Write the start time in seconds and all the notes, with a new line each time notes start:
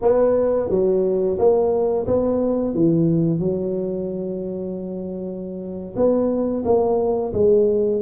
0.01 B3
0.69 F#3
1.38 A#3
2.06 B3
2.74 E3
3.39 F#3
5.95 B3
6.64 A#3
7.33 G#3